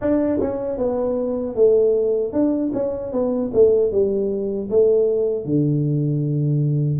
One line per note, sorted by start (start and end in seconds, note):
0.01 0.40 D4
0.40 0.77 C#4
0.77 1.55 B3
1.55 2.32 A3
2.32 2.71 D4
2.73 3.12 C#4
3.12 3.51 B3
3.53 3.91 A3
3.91 4.69 G3
4.70 5.45 A3
5.45 7.00 D3